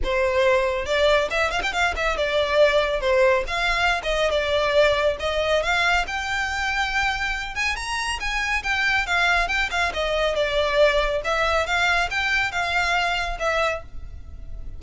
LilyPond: \new Staff \with { instrumentName = "violin" } { \time 4/4 \tempo 4 = 139 c''2 d''4 e''8 f''16 g''16 | f''8 e''8 d''2 c''4 | f''4~ f''16 dis''8. d''2 | dis''4 f''4 g''2~ |
g''4. gis''8 ais''4 gis''4 | g''4 f''4 g''8 f''8 dis''4 | d''2 e''4 f''4 | g''4 f''2 e''4 | }